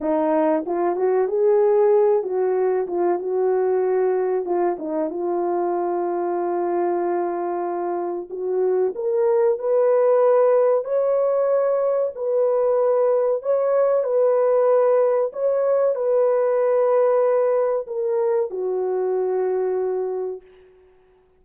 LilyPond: \new Staff \with { instrumentName = "horn" } { \time 4/4 \tempo 4 = 94 dis'4 f'8 fis'8 gis'4. fis'8~ | fis'8 f'8 fis'2 f'8 dis'8 | f'1~ | f'4 fis'4 ais'4 b'4~ |
b'4 cis''2 b'4~ | b'4 cis''4 b'2 | cis''4 b'2. | ais'4 fis'2. | }